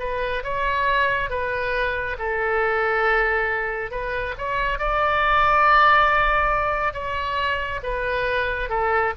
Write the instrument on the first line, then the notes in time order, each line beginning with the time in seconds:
oboe
0.00 B4
0.44 C#5
1.30 B4
2.19 A4
3.91 B4
4.38 C#5
4.79 D5
6.94 C#5
7.83 B4
8.70 A4